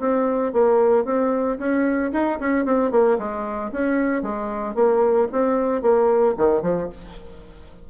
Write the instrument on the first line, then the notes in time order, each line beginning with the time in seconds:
bassoon
0.00 C4
0.53 A#3
1.05 C4
1.59 C#4
2.13 D#4
2.40 C#4
2.66 C4
2.92 A#3
3.19 G#3
3.73 C#4
4.23 G#3
4.75 A#3
5.33 C4
5.82 A#3
6.38 D#3
6.63 F3